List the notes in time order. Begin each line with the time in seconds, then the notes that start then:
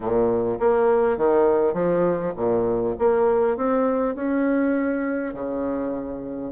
0.00 A#2
0.59 A#3
1.17 D#3
1.73 F3
2.36 A#2
2.99 A#3
3.56 C4
4.15 C#4
5.34 C#3